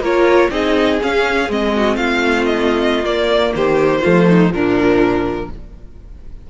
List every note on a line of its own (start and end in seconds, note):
0.00 0.48 A#3
0.00 0.51 F4
0.00 0.50 A#4
0.00 0.51 C#5
0.51 0.99 C4
0.51 0.99 D#4
0.51 1.73 G#4
0.51 0.99 D#5
1.01 1.49 C#4
1.01 1.51 F5
1.49 1.96 G#3
1.49 3.04 C4
1.49 1.96 D#5
1.76 1.96 F#4
1.96 3.05 A3
1.96 3.54 F4
1.96 2.45 F5
2.45 3.05 D#5
3.04 4.00 A#3
3.04 3.53 A#3
3.04 3.53 D5
3.55 4.03 D#3
3.55 4.01 G4
3.55 4.52 C5
4.01 4.52 F3
4.01 4.50 A3
4.01 4.26 F4
4.29 4.53 D#4
4.50 5.49 A#2
4.50 5.47 F3
4.50 5.50 D4
4.50 5.50 A#4